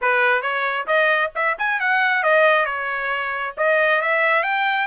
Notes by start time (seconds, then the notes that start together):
0.01 B4
0.42 C#5
0.86 D#5
1.35 E5
1.58 G#5
1.80 F#5
2.23 D#5
2.65 C#5
3.57 D#5
4.01 E5
4.43 G5